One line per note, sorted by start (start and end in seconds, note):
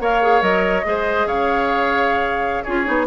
0.00 0.41 A#3
0.00 0.22 A#4
0.00 0.85 C#5
0.00 0.42 F5
0.22 0.41 G#4
0.41 0.84 F#3
0.41 0.83 A#4
0.41 1.27 D#5
0.85 1.26 G#3
0.85 2.64 G#4
0.85 1.27 C5
1.26 2.63 C#3
1.26 2.64 C#5
1.26 2.63 F5
2.63 2.87 C#4
2.63 2.85 F4
2.63 3.06 G#4
2.63 3.06 C#5
2.85 3.07 B3
2.85 3.06 D#4